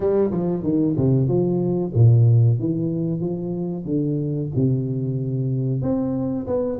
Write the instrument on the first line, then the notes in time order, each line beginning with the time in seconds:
tuba
0.00 G3
0.31 F3
0.63 D#3
0.96 C3
1.27 F3
1.94 A#2
2.59 E3
3.20 F3
3.84 D3
4.55 C3
5.82 C4
6.46 B3